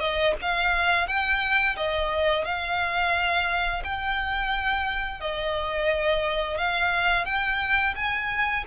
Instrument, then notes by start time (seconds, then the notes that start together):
violin
0.00 D#5
0.42 F5
1.08 G5
1.77 D#5
2.45 F5
3.85 G5
5.21 D#5
6.58 F5
7.26 G5
7.96 G#5